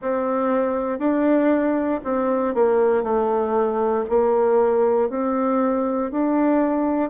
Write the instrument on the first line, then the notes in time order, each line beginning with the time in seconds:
bassoon
0.01 C4
0.98 D4
2.03 C4
2.54 A#3
3.03 A3
4.09 A#3
5.09 C4
6.11 D4